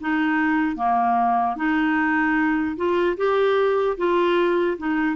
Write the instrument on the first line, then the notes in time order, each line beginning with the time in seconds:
clarinet
0.00 D#4
0.76 A#3
1.56 D#4
2.76 F4
3.17 G4
3.97 F4
4.77 D#4